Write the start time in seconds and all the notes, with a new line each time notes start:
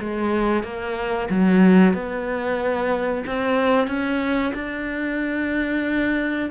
0.00 G#3
0.63 A#3
1.30 F#3
1.94 B3
3.26 C4
3.87 C#4
4.54 D4